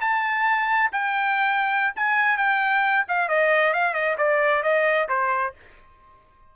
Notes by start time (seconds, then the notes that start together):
0.00 A5
0.92 G5
1.95 G#5
2.37 G5
3.08 F5
3.28 D#5
3.73 F5
3.93 D#5
4.17 D5
4.63 D#5
5.08 C5